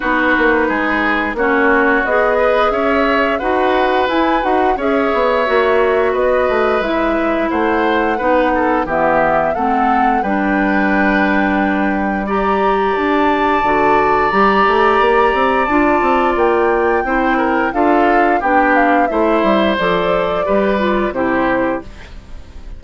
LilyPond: <<
  \new Staff \with { instrumentName = "flute" } { \time 4/4 \tempo 4 = 88 b'2 cis''4 dis''4 | e''4 fis''4 gis''8 fis''8 e''4~ | e''4 dis''4 e''4 fis''4~ | fis''4 e''4 fis''4 g''4~ |
g''2 ais''4 a''4~ | a''4 ais''2 a''4 | g''2 f''4 g''8 f''8 | e''4 d''2 c''4 | }
  \new Staff \with { instrumentName = "oboe" } { \time 4/4 fis'4 gis'4 fis'4. b'8 | cis''4 b'2 cis''4~ | cis''4 b'2 c''4 | b'8 a'8 g'4 a'4 b'4~ |
b'2 d''2~ | d''1~ | d''4 c''8 ais'8 a'4 g'4 | c''2 b'4 g'4 | }
  \new Staff \with { instrumentName = "clarinet" } { \time 4/4 dis'2 cis'4 gis'4~ | gis'4 fis'4 e'8 fis'8 gis'4 | fis'2 e'2 | dis'4 b4 c'4 d'4~ |
d'2 g'2 | fis'4 g'2 f'4~ | f'4 e'4 f'4 d'4 | e'4 a'4 g'8 f'8 e'4 | }
  \new Staff \with { instrumentName = "bassoon" } { \time 4/4 b8 ais8 gis4 ais4 b4 | cis'4 dis'4 e'8 dis'8 cis'8 b8 | ais4 b8 a8 gis4 a4 | b4 e4 a4 g4~ |
g2. d'4 | d4 g8 a8 ais8 c'8 d'8 c'8 | ais4 c'4 d'4 b4 | a8 g8 f4 g4 c4 | }
>>